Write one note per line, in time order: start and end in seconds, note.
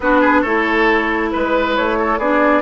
0.00 0.44 B3
0.00 0.45 D4
0.00 0.20 F#4
0.00 0.42 B4
0.20 0.41 G#4
0.41 1.32 A3
0.41 2.20 E4
0.41 1.29 A4
0.41 1.29 C#5
1.30 1.78 G#3
1.30 1.74 B4
1.30 1.98 B4
1.75 2.18 A3
1.75 2.18 C#5
1.99 2.18 A4
2.18 2.62 B3
2.18 2.62 D4
2.18 2.62 G#4
2.18 2.62 D5